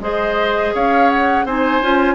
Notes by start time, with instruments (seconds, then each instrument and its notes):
0.00 bassoon G#3, clarinet G#4, oboe C5, flute D#5
0.74 bassoon C#4, oboe C#5, flute F5
1.09 flute F#5
1.44 bassoon C4, clarinet D#4, oboe C5, flute G#5
1.81 bassoon C#4, clarinet F4